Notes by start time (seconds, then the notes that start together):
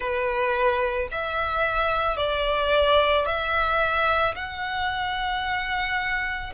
0.00 B4
1.11 E5
2.16 D5
3.25 E5
4.35 F#5